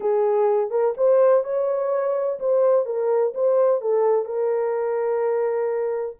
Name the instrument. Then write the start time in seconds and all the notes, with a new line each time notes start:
horn
0.00 G#4
0.70 A#4
0.97 C5
1.44 C#5
2.39 C5
2.85 A#4
3.34 C5
3.81 A4
4.25 A#4